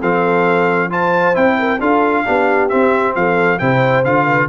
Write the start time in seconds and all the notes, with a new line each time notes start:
0.00 F3 C4 A4 F5
0.90 F4 C5 A5
1.34 C4 E4 G5
1.58 A#4
1.79 D4 F4 A4 F5
2.25 B3 D4 G4
2.69 C4 E5
3.15 F3 A4 F5
3.58 C3 E4 C5 G5
4.04 D3 F4 F5
4.25 B4